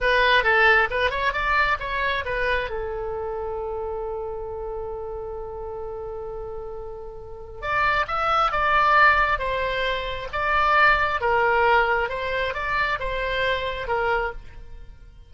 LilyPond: \new Staff \with { instrumentName = "oboe" } { \time 4/4 \tempo 4 = 134 b'4 a'4 b'8 cis''8 d''4 | cis''4 b'4 a'2~ | a'1~ | a'1~ |
a'4 d''4 e''4 d''4~ | d''4 c''2 d''4~ | d''4 ais'2 c''4 | d''4 c''2 ais'4 | }